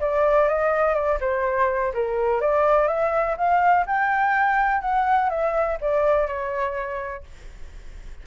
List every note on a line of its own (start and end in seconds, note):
0.00 0.48 D5
0.48 0.94 D#5
0.94 1.19 D5
1.21 1.93 C5
1.94 2.41 A#4
2.41 2.88 D5
2.88 3.36 E5
3.37 3.86 F5
3.87 4.81 G5
4.81 5.30 F#5
5.30 5.78 E5
5.81 6.27 D5
6.27 7.24 C#5